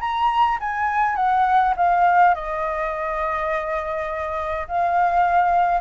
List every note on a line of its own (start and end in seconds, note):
0.00 0.58 A#5
0.60 1.16 G#5
1.16 1.74 F#5
1.76 2.34 F5
2.34 4.67 D#5
4.68 5.81 F5